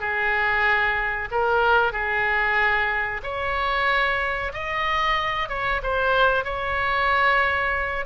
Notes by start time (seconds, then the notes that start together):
0.00 G#4
1.31 A#4
1.92 G#4
3.23 C#5
4.53 D#5
5.49 C#5
5.83 C5
6.44 C#5